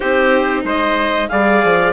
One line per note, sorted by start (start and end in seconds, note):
0.00 0.64 C4
0.00 1.29 D#4
0.00 0.64 G4
0.00 0.63 C5
0.64 1.29 G#3
0.64 1.30 C5
0.64 1.28 D#5
1.28 1.64 G3
1.28 1.93 G#4
1.28 1.93 D5
1.28 1.93 F5
1.64 1.93 F3